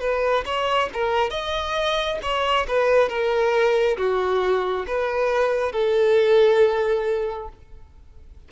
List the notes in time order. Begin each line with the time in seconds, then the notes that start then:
0.00 B4
0.45 C#5
0.93 A#4
1.30 D#5
2.22 C#5
2.68 B4
3.09 A#4
3.97 F#4
4.87 B4
5.72 A4